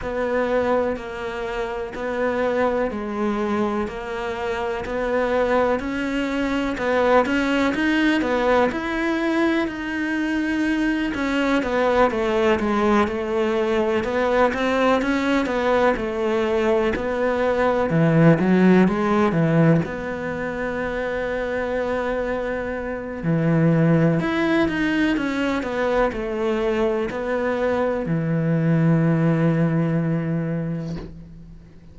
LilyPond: \new Staff \with { instrumentName = "cello" } { \time 4/4 \tempo 4 = 62 b4 ais4 b4 gis4 | ais4 b4 cis'4 b8 cis'8 | dis'8 b8 e'4 dis'4. cis'8 | b8 a8 gis8 a4 b8 c'8 cis'8 |
b8 a4 b4 e8 fis8 gis8 | e8 b2.~ b8 | e4 e'8 dis'8 cis'8 b8 a4 | b4 e2. | }